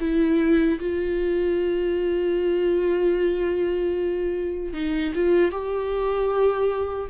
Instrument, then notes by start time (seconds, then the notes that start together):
viola
0.00 E4
0.80 F4
4.74 D#4
5.15 F4
5.52 G4